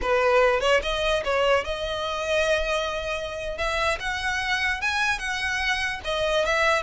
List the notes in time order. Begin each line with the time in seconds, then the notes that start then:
0.01 B4
0.60 C#5
0.82 D#5
1.24 C#5
1.64 D#5
3.57 E5
3.99 F#5
4.81 G#5
5.18 F#5
6.04 D#5
6.45 E5